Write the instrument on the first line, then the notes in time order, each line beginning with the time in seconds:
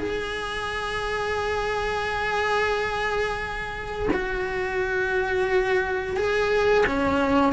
cello
0.00 G#4
4.14 F#4
6.17 G#4
6.87 C#4